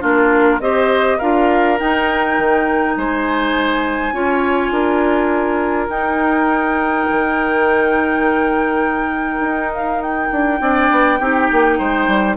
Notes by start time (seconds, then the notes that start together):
0.00 A#3 D4 F4 A#4
0.59 C4 G4 C5 D#5
1.18 D4 F4 A#4 F5
1.78 D#4 G5
2.38 D#3
2.96 G#3 C5 G#5
4.12 C#4 F4 C#5
4.70 D4 A#4
5.89 D#4 G5
7.09 D#3
9.39 D#4
9.73 F5
10.01 G5
10.31 D4
10.60 C4 D4 D5
10.90 B3
11.19 C4 D#4 G4
11.51 A#3
11.78 G#3 C5
12.07 G3